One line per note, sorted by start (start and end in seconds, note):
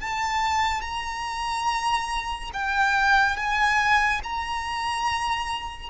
0.00 0.81 A5
0.81 2.50 A#5
2.53 3.36 G5
3.36 4.21 G#5
4.23 5.90 A#5